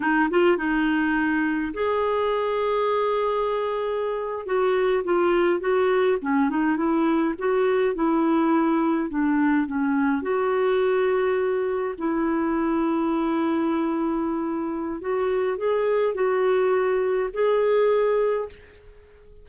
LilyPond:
\new Staff \with { instrumentName = "clarinet" } { \time 4/4 \tempo 4 = 104 dis'8 f'8 dis'2 gis'4~ | gis'2.~ gis'8. fis'16~ | fis'8. f'4 fis'4 cis'8 dis'8 e'16~ | e'8. fis'4 e'2 d'16~ |
d'8. cis'4 fis'2~ fis'16~ | fis'8. e'2.~ e'16~ | e'2 fis'4 gis'4 | fis'2 gis'2 | }